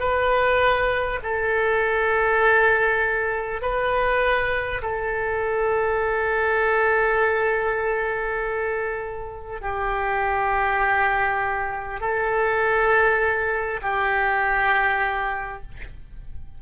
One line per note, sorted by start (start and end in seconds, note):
0.00 1.20 B4
1.23 3.62 A4
3.62 4.82 B4
4.82 9.61 A4
9.61 12.01 G4
12.01 13.81 A4
13.82 15.62 G4